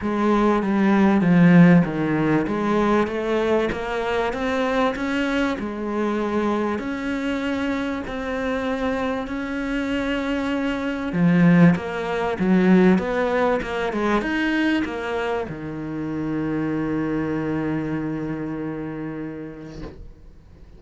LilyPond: \new Staff \with { instrumentName = "cello" } { \time 4/4 \tempo 4 = 97 gis4 g4 f4 dis4 | gis4 a4 ais4 c'4 | cis'4 gis2 cis'4~ | cis'4 c'2 cis'4~ |
cis'2 f4 ais4 | fis4 b4 ais8 gis8 dis'4 | ais4 dis2.~ | dis1 | }